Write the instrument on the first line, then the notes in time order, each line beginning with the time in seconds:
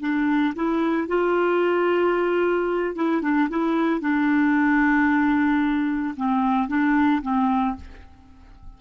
clarinet
0.00 D4
0.55 E4
1.08 F4
2.95 E4
3.21 D4
3.49 E4
4.00 D4
6.16 C4
6.68 D4
7.22 C4